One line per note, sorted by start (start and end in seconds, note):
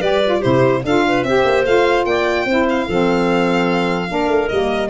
0.00 0.42 G3
0.00 0.23 G4
0.00 0.39 B4
0.00 0.42 D5
0.25 0.42 F4
0.39 0.82 E4
0.39 0.79 G4
0.39 0.83 C5
0.45 0.84 C3
0.84 1.23 D4
0.84 1.27 F4
0.84 1.05 A4
0.84 1.23 F5
1.08 1.27 B4
1.23 1.44 C4
1.23 1.66 G4
1.23 2.07 C5
1.23 1.64 E5
1.45 1.65 A#3
1.65 2.05 A3
1.65 2.47 F4
1.65 2.05 F5
2.05 2.45 A#3
2.05 2.46 D5
2.05 2.66 G5
2.45 2.86 C4
2.45 2.90 E4
2.45 2.87 C5
2.69 4.48 F5
2.87 4.10 F3
2.87 4.09 C4
2.87 4.10 A4
4.09 4.28 A#3
4.09 4.49 D4
4.09 4.90 A#4
4.28 4.48 A3
4.48 4.90 G3
4.48 4.90 A#3
4.48 4.89 D#5